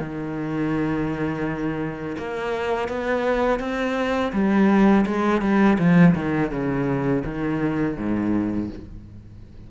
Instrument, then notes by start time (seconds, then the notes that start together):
cello
0.00 D#3
2.19 A#3
2.89 B3
3.60 C4
4.33 G3
5.07 G#3
5.42 G3
5.79 F3
6.16 D#3
6.52 C#3
7.25 D#3
7.97 G#2